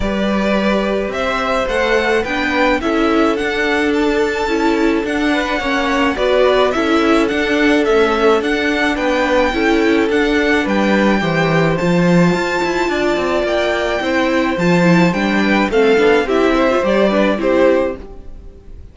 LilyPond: <<
  \new Staff \with { instrumentName = "violin" } { \time 4/4 \tempo 4 = 107 d''2 e''4 fis''4 | g''4 e''4 fis''4 a''4~ | a''4 fis''2 d''4 | e''4 fis''4 e''4 fis''4 |
g''2 fis''4 g''4~ | g''4 a''2. | g''2 a''4 g''4 | f''4 e''4 d''4 c''4 | }
  \new Staff \with { instrumentName = "violin" } { \time 4/4 b'2 c''2 | b'4 a'2.~ | a'4. b'8 cis''4 b'4 | a'1 |
b'4 a'2 b'4 | c''2. d''4~ | d''4 c''2~ c''8 b'8 | a'4 g'8 c''4 b'8 g'4 | }
  \new Staff \with { instrumentName = "viola" } { \time 4/4 g'2. a'4 | d'4 e'4 d'2 | e'4 d'4 cis'4 fis'4 | e'4 d'4 a4 d'4~ |
d'4 e'4 d'2 | g'4 f'2.~ | f'4 e'4 f'8 e'8 d'4 | c'8 d'8 e'8. f'16 g'8 d'8 e'4 | }
  \new Staff \with { instrumentName = "cello" } { \time 4/4 g2 c'4 a4 | b4 cis'4 d'2 | cis'4 d'4 ais4 b4 | cis'4 d'4 cis'4 d'4 |
b4 cis'4 d'4 g4 | e4 f4 f'8 e'8 d'8 c'8 | ais4 c'4 f4 g4 | a8 b8 c'4 g4 c'4 | }
>>